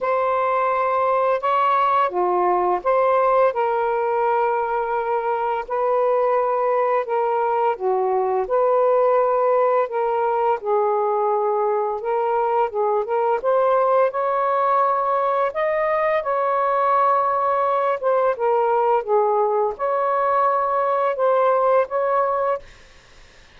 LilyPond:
\new Staff \with { instrumentName = "saxophone" } { \time 4/4 \tempo 4 = 85 c''2 cis''4 f'4 | c''4 ais'2. | b'2 ais'4 fis'4 | b'2 ais'4 gis'4~ |
gis'4 ais'4 gis'8 ais'8 c''4 | cis''2 dis''4 cis''4~ | cis''4. c''8 ais'4 gis'4 | cis''2 c''4 cis''4 | }